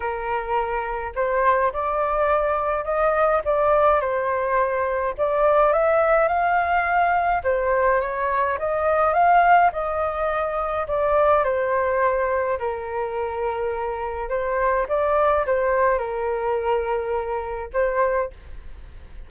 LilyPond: \new Staff \with { instrumentName = "flute" } { \time 4/4 \tempo 4 = 105 ais'2 c''4 d''4~ | d''4 dis''4 d''4 c''4~ | c''4 d''4 e''4 f''4~ | f''4 c''4 cis''4 dis''4 |
f''4 dis''2 d''4 | c''2 ais'2~ | ais'4 c''4 d''4 c''4 | ais'2. c''4 | }